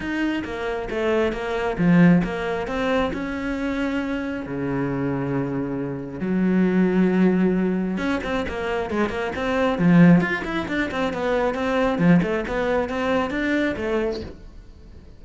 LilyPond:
\new Staff \with { instrumentName = "cello" } { \time 4/4 \tempo 4 = 135 dis'4 ais4 a4 ais4 | f4 ais4 c'4 cis'4~ | cis'2 cis2~ | cis2 fis2~ |
fis2 cis'8 c'8 ais4 | gis8 ais8 c'4 f4 f'8 e'8 | d'8 c'8 b4 c'4 f8 a8 | b4 c'4 d'4 a4 | }